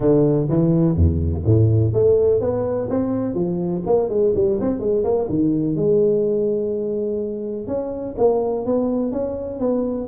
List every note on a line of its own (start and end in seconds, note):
0.00 0.48 D3
0.49 0.95 E3
0.95 1.43 E2
1.45 1.93 A2
1.93 2.40 A3
2.40 2.88 B3
2.89 3.34 C4
3.34 3.82 F3
3.85 4.09 A#3
4.09 4.33 G#3
4.35 4.59 G3
4.60 4.79 C4
4.79 5.03 G#3
5.04 5.28 A#3
5.29 5.76 D#3
5.76 7.67 G#3
7.67 8.15 C#4
8.17 8.65 A#3
8.65 9.12 B3
9.12 9.59 C#4
9.59 10.07 B3